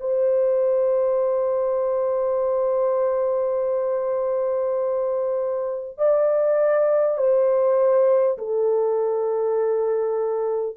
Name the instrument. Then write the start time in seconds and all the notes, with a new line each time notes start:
horn
0.00 C5
5.98 D5
7.17 C5
8.38 A4